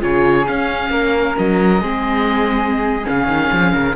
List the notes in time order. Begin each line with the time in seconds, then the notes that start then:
0.00 C#3 F4 G#4 C#5
0.47 C#4 F5
0.90 A#3 A#4
1.38 F#3 D#5
1.81 G#3 C4 G#4
3.04 C#3 C#4 F5
3.28 D#3
3.52 F3
3.73 C#3 A#4